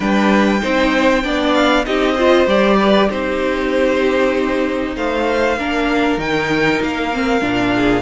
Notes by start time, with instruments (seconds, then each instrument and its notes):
0.00 cello G3, viola D4, violin B4 G5
0.60 cello C4, viola D#4, violin C5
1.23 cello B3, viola D4, violin D5
1.54 violin F5
1.85 cello C4, viola D#4, violin G4 D#5
2.14 viola F4, violin C5
2.46 cello G3, viola G4, violin D5
2.79 violin B4
3.08 cello C4, viola D#4, violin G4 C5
4.96 cello A3, violin C5 F5
5.57 cello A#3, viola D4, violin A#4
6.17 cello D#3, viola D#4, violin G5
6.81 cello A#3, violin F5
7.13 viola C4
7.40 cello A#2, viola D4
7.75 violin G#4